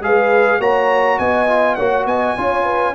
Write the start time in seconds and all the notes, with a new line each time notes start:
0.00 G#3 G#4 B4 F5
0.59 A#3 F#4 C#5 A#5
1.18 B3 D#5 G#5
1.48 F4
1.75 A#3 F#4 C#5 F#5
2.05 B3 D#5 G#5
2.37 C#4 F4 C#5
2.63 B4